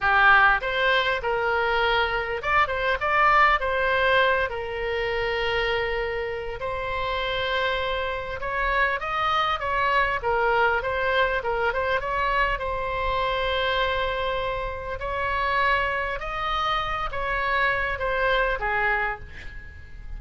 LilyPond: \new Staff \with { instrumentName = "oboe" } { \time 4/4 \tempo 4 = 100 g'4 c''4 ais'2 | d''8 c''8 d''4 c''4. ais'8~ | ais'2. c''4~ | c''2 cis''4 dis''4 |
cis''4 ais'4 c''4 ais'8 c''8 | cis''4 c''2.~ | c''4 cis''2 dis''4~ | dis''8 cis''4. c''4 gis'4 | }